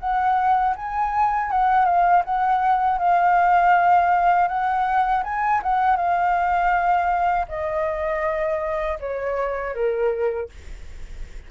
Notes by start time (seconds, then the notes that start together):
0.00 F#5
0.76 G#5
1.51 F#5
1.85 F5
2.25 F#5
2.99 F5
4.48 F#5
5.24 G#5
5.63 F#5
5.97 F5
7.49 D#5
9.00 C#5
9.75 A#4